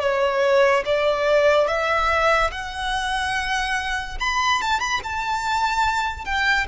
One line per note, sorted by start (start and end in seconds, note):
0.00 0.83 C#5
0.85 1.67 D5
1.67 2.51 E5
2.52 4.18 F#5
4.20 4.61 B5
4.61 4.80 A5
4.80 5.01 B5
5.03 6.25 A5
6.25 6.66 G5